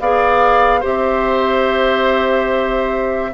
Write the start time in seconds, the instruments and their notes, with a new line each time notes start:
0.00 bassoon B3, clarinet G#4, oboe D5, flute F5
0.80 bassoon C4, clarinet G4, oboe C5, flute E5